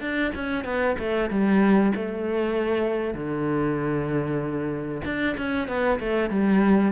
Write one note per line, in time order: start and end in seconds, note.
0.00 0.31 D4
0.34 0.64 C#4
0.64 0.95 B3
0.99 1.30 A3
1.30 1.92 G3
1.95 3.14 A3
3.14 5.01 D3
5.05 5.36 D4
5.37 5.68 C#4
5.68 5.99 B3
5.99 6.30 A3
6.30 6.91 G3